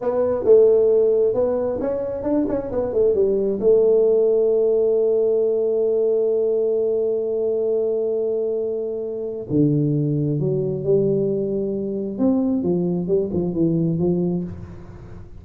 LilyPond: \new Staff \with { instrumentName = "tuba" } { \time 4/4 \tempo 4 = 133 b4 a2 b4 | cis'4 d'8 cis'8 b8 a8 g4 | a1~ | a1~ |
a1~ | a4 d2 fis4 | g2. c'4 | f4 g8 f8 e4 f4 | }